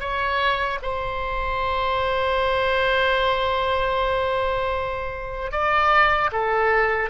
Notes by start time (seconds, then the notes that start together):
0.00 C#5
0.83 C5
5.52 D5
6.32 A4